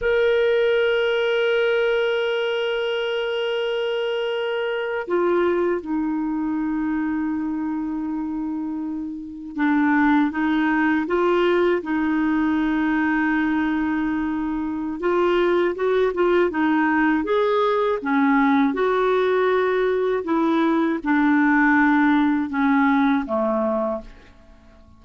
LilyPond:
\new Staff \with { instrumentName = "clarinet" } { \time 4/4 \tempo 4 = 80 ais'1~ | ais'2~ ais'8. f'4 dis'16~ | dis'1~ | dis'8. d'4 dis'4 f'4 dis'16~ |
dis'1 | f'4 fis'8 f'8 dis'4 gis'4 | cis'4 fis'2 e'4 | d'2 cis'4 a4 | }